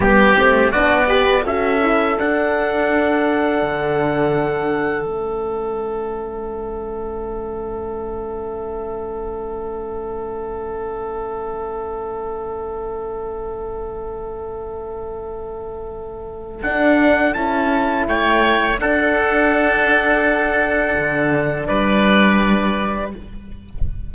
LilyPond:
<<
  \new Staff \with { instrumentName = "trumpet" } { \time 4/4 \tempo 4 = 83 g'4 d''4 e''4 fis''4~ | fis''2. e''4~ | e''1~ | e''1~ |
e''1~ | e''2. fis''4 | a''4 g''4 fis''2~ | fis''2 d''2 | }
  \new Staff \with { instrumentName = "oboe" } { \time 4/4 g'4 fis'8 b'8 a'2~ | a'1~ | a'1~ | a'1~ |
a'1~ | a'1~ | a'4 cis''4 a'2~ | a'2 b'2 | }
  \new Staff \with { instrumentName = "horn" } { \time 4/4 b8 c'8 d'8 g'8 fis'8 e'8 d'4~ | d'2. cis'4~ | cis'1~ | cis'1~ |
cis'1~ | cis'2. d'4 | e'2 d'2~ | d'1 | }
  \new Staff \with { instrumentName = "cello" } { \time 4/4 g8 a8 b4 cis'4 d'4~ | d'4 d2 a4~ | a1~ | a1~ |
a1~ | a2. d'4 | cis'4 a4 d'2~ | d'4 d4 g2 | }
>>